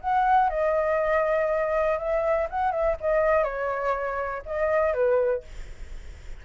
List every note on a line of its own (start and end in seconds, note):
0.00 0.49 F#5
0.49 1.98 D#5
1.98 2.47 E5
2.50 2.71 F#5
2.71 2.96 E5
3.00 3.43 D#5
3.43 4.42 C#5
4.45 4.93 D#5
4.93 5.43 B4